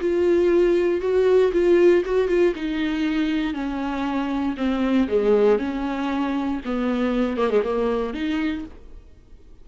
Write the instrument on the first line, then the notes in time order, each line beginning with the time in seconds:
viola
0.00 F4
1.01 F#4
1.53 F4
2.05 F#4
2.28 F4
2.55 D#4
3.54 C#4
4.57 C4
5.08 G#3
5.59 C#4
6.65 B3
7.37 A#3
7.50 G#3
7.63 A#3
8.14 D#4